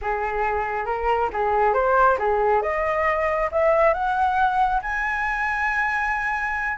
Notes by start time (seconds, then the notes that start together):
0.01 G#4
0.85 A#4
1.32 G#4
1.73 C5
2.18 G#4
2.62 D#5
3.51 E5
3.93 F#5
4.82 G#5